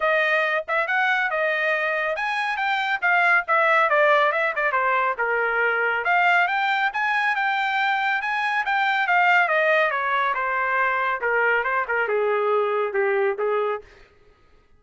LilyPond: \new Staff \with { instrumentName = "trumpet" } { \time 4/4 \tempo 4 = 139 dis''4. e''8 fis''4 dis''4~ | dis''4 gis''4 g''4 f''4 | e''4 d''4 e''8 d''8 c''4 | ais'2 f''4 g''4 |
gis''4 g''2 gis''4 | g''4 f''4 dis''4 cis''4 | c''2 ais'4 c''8 ais'8 | gis'2 g'4 gis'4 | }